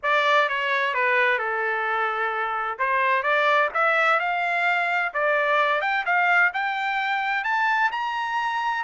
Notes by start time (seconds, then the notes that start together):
0.03 D5
0.48 C#5
0.93 B4
1.38 A4
2.78 C5
3.22 D5
3.74 E5
4.19 F5
5.13 D5
5.81 G5
6.05 F5
6.53 G5
7.44 A5
7.91 A#5